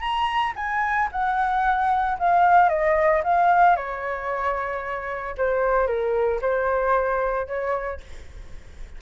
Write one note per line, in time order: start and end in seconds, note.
0.00 0.53 A#5
0.56 1.09 G#5
1.12 2.18 F#5
2.19 2.69 F5
2.69 3.22 D#5
3.24 3.76 F5
3.76 5.35 C#5
5.37 5.87 C5
5.87 6.40 A#4
6.41 7.47 C5
7.47 8.00 C#5